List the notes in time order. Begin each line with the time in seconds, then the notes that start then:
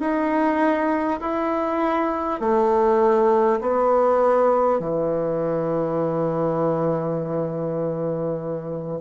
0.00 D#4
1.20 E4
2.39 A3
3.60 B3
4.79 E3